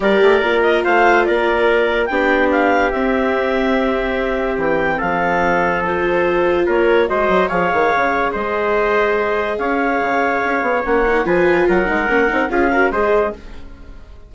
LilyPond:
<<
  \new Staff \with { instrumentName = "clarinet" } { \time 4/4 \tempo 4 = 144 d''4. dis''8 f''4 d''4~ | d''4 g''4 f''4 e''4~ | e''2. g''4 | f''2 c''2 |
cis''4 dis''4 f''2 | dis''2. f''4~ | f''2 fis''4 gis''4 | fis''2 f''4 dis''4 | }
  \new Staff \with { instrumentName = "trumpet" } { \time 4/4 ais'2 c''4 ais'4~ | ais'4 g'2.~ | g'1 | a'1 |
ais'4 c''4 cis''2 | c''2. cis''4~ | cis''2. b'4 | ais'2 gis'8 ais'8 c''4 | }
  \new Staff \with { instrumentName = "viola" } { \time 4/4 g'4 f'2.~ | f'4 d'2 c'4~ | c'1~ | c'2 f'2~ |
f'4 fis'4 gis'2~ | gis'1~ | gis'2 cis'8 dis'8 f'4~ | f'8 dis'8 cis'8 dis'8 f'8 fis'8 gis'4 | }
  \new Staff \with { instrumentName = "bassoon" } { \time 4/4 g8 a8 ais4 a4 ais4~ | ais4 b2 c'4~ | c'2. e4 | f1 |
ais4 gis8 fis8 f8 dis8 cis4 | gis2. cis'4 | cis4 cis'8 b8 ais4 f4 | fis8 gis8 ais8 c'8 cis'4 gis4 | }
>>